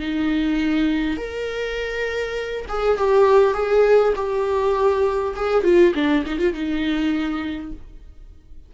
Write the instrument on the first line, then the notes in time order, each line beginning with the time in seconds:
viola
0.00 D#4
1.17 A#4
2.69 G#4
2.98 G4
3.54 G#4
4.16 G4
5.36 G#4
5.64 F4
5.95 D4
6.26 D#4
6.39 F4
6.54 D#4